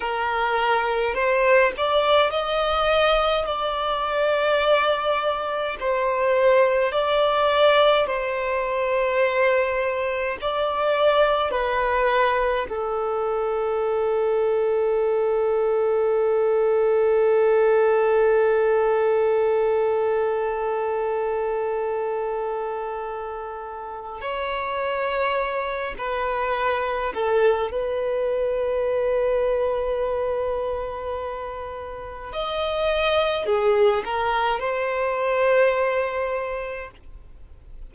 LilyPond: \new Staff \with { instrumentName = "violin" } { \time 4/4 \tempo 4 = 52 ais'4 c''8 d''8 dis''4 d''4~ | d''4 c''4 d''4 c''4~ | c''4 d''4 b'4 a'4~ | a'1~ |
a'1~ | a'4 cis''4. b'4 a'8 | b'1 | dis''4 gis'8 ais'8 c''2 | }